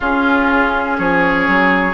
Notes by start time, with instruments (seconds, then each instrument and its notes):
0.00 bassoon C#4, clarinet C#4, oboe F4, flute G#4
0.98 bassoon F3, oboe G#4, flute C#5
1.47 bassoon F#3